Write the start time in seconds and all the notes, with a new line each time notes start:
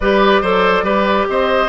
0.00 G3 G4 B4 D5
0.41 F#3 A4 C5
0.82 G3 G4 B4
1.29 C4 C5 D#5